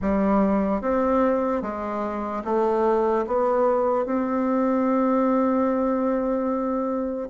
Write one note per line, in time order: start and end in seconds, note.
0.01 0.81 G3
0.81 1.62 C4
1.62 2.43 G#3
2.44 3.25 A3
3.27 4.05 B3
4.05 7.29 C4